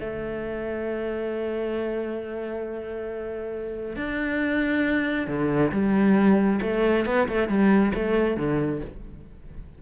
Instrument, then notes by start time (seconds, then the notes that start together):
cello
0.00 A3
3.96 D4
5.27 D3
5.72 G3
6.62 A3
7.06 B3
7.29 A3
7.48 G3
7.94 A3
8.37 D3